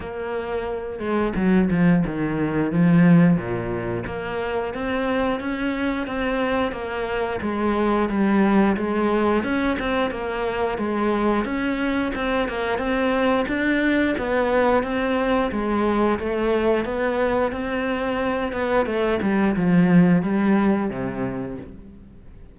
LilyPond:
\new Staff \with { instrumentName = "cello" } { \time 4/4 \tempo 4 = 89 ais4. gis8 fis8 f8 dis4 | f4 ais,4 ais4 c'4 | cis'4 c'4 ais4 gis4 | g4 gis4 cis'8 c'8 ais4 |
gis4 cis'4 c'8 ais8 c'4 | d'4 b4 c'4 gis4 | a4 b4 c'4. b8 | a8 g8 f4 g4 c4 | }